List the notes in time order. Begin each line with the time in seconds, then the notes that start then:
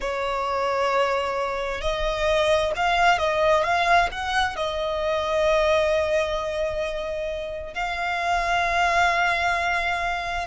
0.00 C#5
1.81 D#5
2.76 F5
3.18 D#5
3.63 F5
4.12 F#5
4.55 D#5
7.74 F5